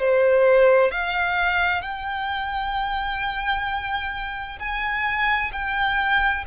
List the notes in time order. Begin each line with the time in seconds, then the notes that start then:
0.00 C5
0.91 F5
1.82 G5
4.59 G#5
5.53 G5